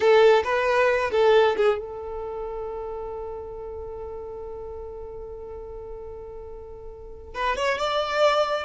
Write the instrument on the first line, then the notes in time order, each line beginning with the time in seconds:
violin
0.00 A4
0.44 B4
1.11 A4
1.56 G#4
1.78 A4
7.34 B4
7.56 C#5
7.78 D5